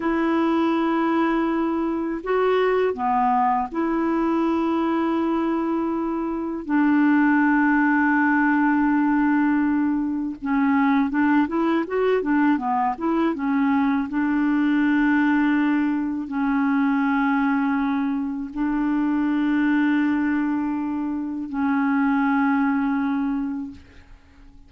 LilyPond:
\new Staff \with { instrumentName = "clarinet" } { \time 4/4 \tempo 4 = 81 e'2. fis'4 | b4 e'2.~ | e'4 d'2.~ | d'2 cis'4 d'8 e'8 |
fis'8 d'8 b8 e'8 cis'4 d'4~ | d'2 cis'2~ | cis'4 d'2.~ | d'4 cis'2. | }